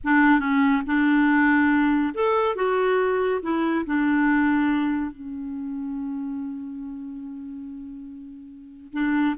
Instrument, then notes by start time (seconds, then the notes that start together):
clarinet
0.04 D4
0.39 C#4
0.86 D4
2.14 A4
2.55 F#4
3.42 E4
3.85 D4
5.11 C#4
8.93 D4